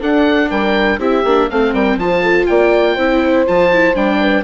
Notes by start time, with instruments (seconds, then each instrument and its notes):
0.00 bassoon D4, viola D4, horn A4, oboe F#5
0.50 bassoon G3, horn A#4, oboe G5
0.98 bassoon C4, viola E4, horn G4, oboe E5
1.24 bassoon A#3, viola D4
1.50 bassoon A3, viola C4, horn A4, oboe F5
1.73 bassoon G3, horn A#4, oboe G5
1.96 bassoon F3, viola F4, horn C5, oboe A5
2.22 horn A4
2.46 bassoon A#3, horn D5, oboe G5
2.94 bassoon C4, viola E4, horn C5
3.46 bassoon F3, viola F4, oboe A5
3.73 viola E4
3.94 bassoon G3, viola D4, oboe G5
4.20 horn B4